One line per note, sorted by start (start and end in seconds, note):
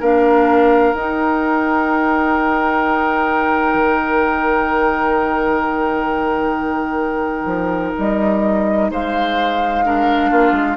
0.00 0.94 A#3
0.00 0.95 D4
0.00 8.91 A#4
0.00 0.94 F5
0.94 3.74 D#4
0.94 9.85 D#4
0.94 7.97 G5
3.74 7.46 D#3
7.46 7.93 F3
7.97 8.90 G3
7.97 8.91 D#5
8.90 10.31 G#3
8.90 9.85 C5
8.90 10.77 F5
9.85 10.77 D4
9.85 10.30 A#4
10.30 10.52 A#3
10.30 10.77 F4
10.52 10.75 G#3